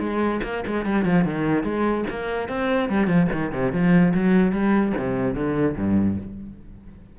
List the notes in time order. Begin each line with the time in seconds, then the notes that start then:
0.00 G#3
0.44 A#3
0.67 G#3
0.86 G3
1.05 F3
1.25 D#3
1.64 G#3
2.10 A#3
2.49 C4
2.90 G3
3.07 F3
3.33 D#3
3.52 C3
3.73 F3
4.15 F#3
4.52 G3
4.98 C3
5.35 D3
5.77 G2